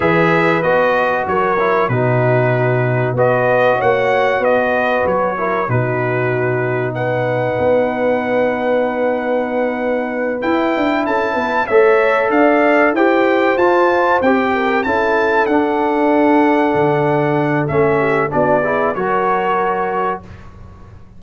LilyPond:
<<
  \new Staff \with { instrumentName = "trumpet" } { \time 4/4 \tempo 4 = 95 e''4 dis''4 cis''4 b'4~ | b'4 dis''4 fis''4 dis''4 | cis''4 b'2 fis''4~ | fis''1~ |
fis''8 g''4 a''4 e''4 f''8~ | f''8 g''4 a''4 g''4 a''8~ | a''8 fis''2.~ fis''8 | e''4 d''4 cis''2 | }
  \new Staff \with { instrumentName = "horn" } { \time 4/4 b'2 ais'4 fis'4~ | fis'4 b'4 cis''4 b'4~ | b'8 ais'8 fis'2 b'4~ | b'1~ |
b'4. a'8 b'8 cis''4 d''8~ | d''8 c''2~ c''8 ais'8 a'8~ | a'1~ | a'8 g'8 fis'8 gis'8 ais'2 | }
  \new Staff \with { instrumentName = "trombone" } { \time 4/4 gis'4 fis'4. e'8 dis'4~ | dis'4 fis'2.~ | fis'8 e'8 dis'2.~ | dis'1~ |
dis'8 e'2 a'4.~ | a'8 g'4 f'4 g'4 e'8~ | e'8 d'2.~ d'8 | cis'4 d'8 e'8 fis'2 | }
  \new Staff \with { instrumentName = "tuba" } { \time 4/4 e4 b4 fis4 b,4~ | b,4 b4 ais4 b4 | fis4 b,2. | b1~ |
b8 e'8 d'8 cis'8 b8 a4 d'8~ | d'8 e'4 f'4 c'4 cis'8~ | cis'8 d'2 d4. | a4 b4 fis2 | }
>>